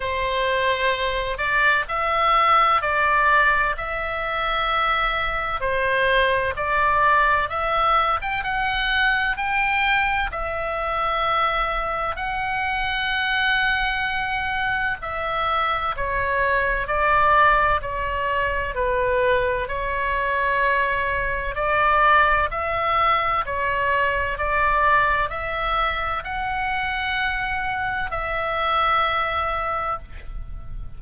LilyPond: \new Staff \with { instrumentName = "oboe" } { \time 4/4 \tempo 4 = 64 c''4. d''8 e''4 d''4 | e''2 c''4 d''4 | e''8. g''16 fis''4 g''4 e''4~ | e''4 fis''2. |
e''4 cis''4 d''4 cis''4 | b'4 cis''2 d''4 | e''4 cis''4 d''4 e''4 | fis''2 e''2 | }